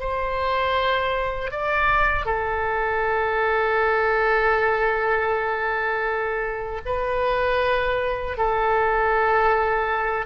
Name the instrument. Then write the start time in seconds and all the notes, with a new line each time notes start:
oboe
0.00 C5
1.51 D5
2.25 A4
6.86 B4
8.38 A4